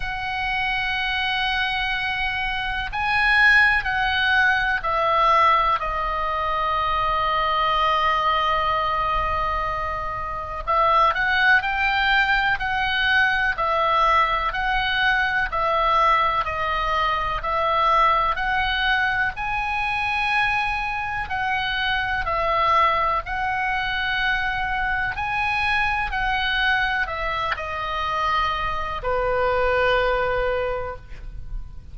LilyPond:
\new Staff \with { instrumentName = "oboe" } { \time 4/4 \tempo 4 = 62 fis''2. gis''4 | fis''4 e''4 dis''2~ | dis''2. e''8 fis''8 | g''4 fis''4 e''4 fis''4 |
e''4 dis''4 e''4 fis''4 | gis''2 fis''4 e''4 | fis''2 gis''4 fis''4 | e''8 dis''4. b'2 | }